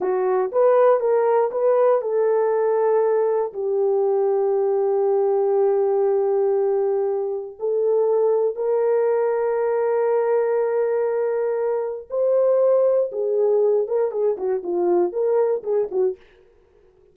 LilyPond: \new Staff \with { instrumentName = "horn" } { \time 4/4 \tempo 4 = 119 fis'4 b'4 ais'4 b'4 | a'2. g'4~ | g'1~ | g'2. a'4~ |
a'4 ais'2.~ | ais'1 | c''2 gis'4. ais'8 | gis'8 fis'8 f'4 ais'4 gis'8 fis'8 | }